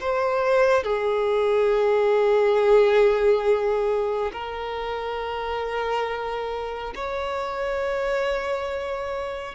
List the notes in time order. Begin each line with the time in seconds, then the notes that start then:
0.00 C5
0.83 G#4
4.32 A#4
6.95 C#5